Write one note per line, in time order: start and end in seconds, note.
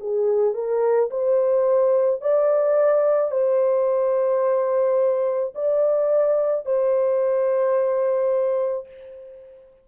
0.00 0.54 G#4
0.54 1.10 A#4
1.10 2.21 C5
2.21 3.31 D5
3.31 5.54 C5
5.55 6.66 D5
6.66 8.88 C5